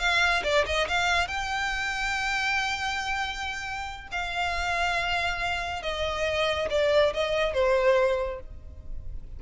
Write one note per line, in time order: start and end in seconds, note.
0.00 0.43 F5
0.44 0.66 D5
0.66 0.88 D#5
0.88 1.28 F5
1.28 4.08 G5
4.12 5.83 F5
5.83 6.69 D#5
6.70 7.13 D5
7.14 7.54 D#5
7.54 8.40 C5